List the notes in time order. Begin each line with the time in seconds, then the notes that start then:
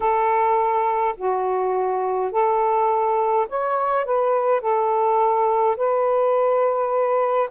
0.00 A4
1.16 F#4
2.31 A4
3.49 C#5
4.05 B4
4.60 A4
5.76 B4